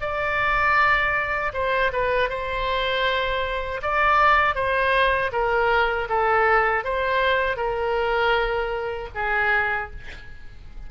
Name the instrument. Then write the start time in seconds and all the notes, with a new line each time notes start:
oboe
0.00 D5
1.53 C5
1.92 B4
2.29 C5
3.82 D5
4.54 C5
5.32 A#4
6.08 A4
6.84 C5
7.56 A#4
9.14 G#4